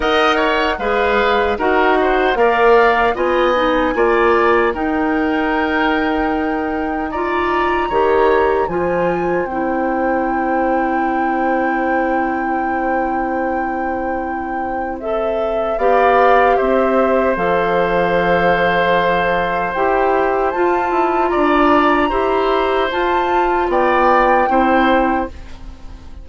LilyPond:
<<
  \new Staff \with { instrumentName = "flute" } { \time 4/4 \tempo 4 = 76 fis''4 f''4 fis''4 f''4 | gis''2 g''2~ | g''4 ais''2 gis''4 | g''1~ |
g''2. e''4 | f''4 e''4 f''2~ | f''4 g''4 a''4 ais''4~ | ais''4 a''4 g''2 | }
  \new Staff \with { instrumentName = "oboe" } { \time 4/4 dis''8 cis''8 b'4 ais'8 c''8 d''4 | dis''4 d''4 ais'2~ | ais'4 d''4 cis''4 c''4~ | c''1~ |
c''1 | d''4 c''2.~ | c''2. d''4 | c''2 d''4 c''4 | }
  \new Staff \with { instrumentName = "clarinet" } { \time 4/4 ais'4 gis'4 fis'4 ais'4 | f'8 dis'8 f'4 dis'2~ | dis'4 f'4 g'4 f'4 | e'1~ |
e'2. a'4 | g'2 a'2~ | a'4 g'4 f'2 | g'4 f'2 e'4 | }
  \new Staff \with { instrumentName = "bassoon" } { \time 4/4 dis'4 gis4 dis'4 ais4 | b4 ais4 dis'2~ | dis'2 dis4 f4 | c'1~ |
c'1 | b4 c'4 f2~ | f4 e'4 f'8 e'8 d'4 | e'4 f'4 b4 c'4 | }
>>